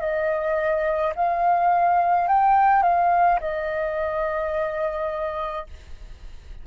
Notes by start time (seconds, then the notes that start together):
0.00 D#5
1.15 F5
2.28 G5
2.83 F5
3.40 D#5